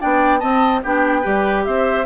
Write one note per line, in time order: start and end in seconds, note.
0.00 0.43 B3
0.00 0.41 D4
0.00 0.40 D5
0.00 0.40 G5
0.40 0.82 C4
0.40 0.84 C4
0.40 0.81 D#5
0.40 0.81 A5
0.83 1.26 B3
0.83 1.23 D4
0.83 1.22 G4
0.83 1.65 G5
1.22 1.67 G3
1.22 2.05 G4
1.22 1.63 B4
1.65 2.06 C4
1.65 2.06 C5
1.65 2.06 E5